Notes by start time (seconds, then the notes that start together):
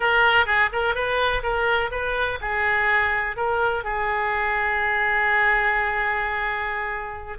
0.00 A#4
0.45 G#4
0.72 A#4
0.94 B4
1.43 A#4
1.91 B4
2.41 G#4
3.36 A#4
3.84 G#4